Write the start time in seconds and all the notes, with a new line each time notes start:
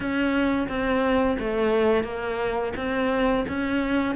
0.00 C#4
0.68 C4
1.39 A3
2.03 A#3
2.76 C4
3.48 C#4